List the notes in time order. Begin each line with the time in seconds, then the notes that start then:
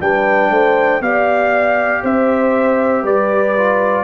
0.00 G3 D4 B4 G5
0.51 A3 C5
1.01 B3 G4 D5 F5
2.03 C4 C5 E5
3.03 G3 B4 D5
3.58 F4